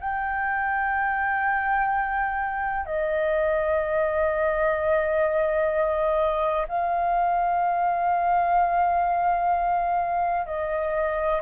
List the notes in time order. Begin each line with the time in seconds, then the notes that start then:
0.00 G5
2.86 D#5
6.68 F5
10.46 D#5